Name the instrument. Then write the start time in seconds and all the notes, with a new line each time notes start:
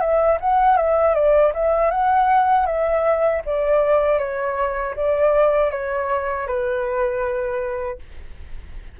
flute
0.00 E5
0.40 F#5
0.77 E5
1.14 D5
1.54 E5
1.91 F#5
2.66 E5
3.45 D5
4.18 C#5
4.96 D5
5.71 C#5
6.47 B4